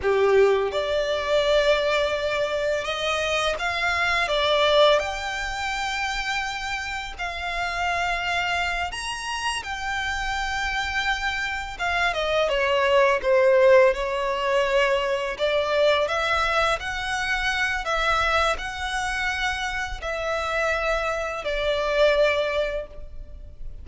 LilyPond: \new Staff \with { instrumentName = "violin" } { \time 4/4 \tempo 4 = 84 g'4 d''2. | dis''4 f''4 d''4 g''4~ | g''2 f''2~ | f''8 ais''4 g''2~ g''8~ |
g''8 f''8 dis''8 cis''4 c''4 cis''8~ | cis''4. d''4 e''4 fis''8~ | fis''4 e''4 fis''2 | e''2 d''2 | }